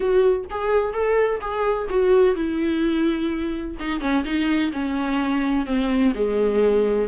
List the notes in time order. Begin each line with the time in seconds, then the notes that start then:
0.00 F#4
0.50 G#4
0.93 A4
1.40 G#4
1.89 F#4
2.35 E4
3.79 D#4
4.00 C#4
4.24 D#4
4.72 C#4
5.66 C4
6.14 G#3